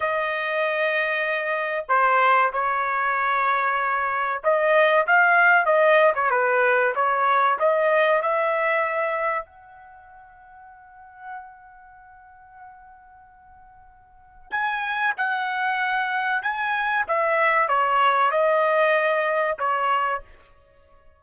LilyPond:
\new Staff \with { instrumentName = "trumpet" } { \time 4/4 \tempo 4 = 95 dis''2. c''4 | cis''2. dis''4 | f''4 dis''8. cis''16 b'4 cis''4 | dis''4 e''2 fis''4~ |
fis''1~ | fis''2. gis''4 | fis''2 gis''4 e''4 | cis''4 dis''2 cis''4 | }